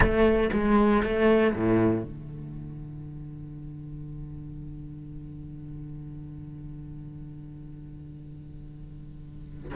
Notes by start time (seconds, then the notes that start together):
0.00 A3
0.52 G#3
1.03 A3
1.55 A2
2.03 D3